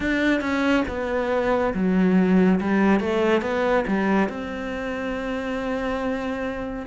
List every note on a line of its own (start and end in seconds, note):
0.00 0.41 D4
0.41 0.83 C#4
0.88 1.73 B3
1.74 2.59 F#3
2.60 3.00 G3
3.00 3.41 A3
3.41 3.84 B3
3.87 4.29 G3
4.29 6.86 C4